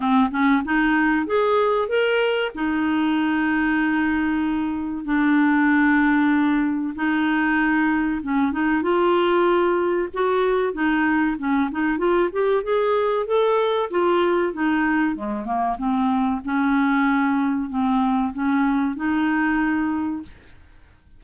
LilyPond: \new Staff \with { instrumentName = "clarinet" } { \time 4/4 \tempo 4 = 95 c'8 cis'8 dis'4 gis'4 ais'4 | dis'1 | d'2. dis'4~ | dis'4 cis'8 dis'8 f'2 |
fis'4 dis'4 cis'8 dis'8 f'8 g'8 | gis'4 a'4 f'4 dis'4 | gis8 ais8 c'4 cis'2 | c'4 cis'4 dis'2 | }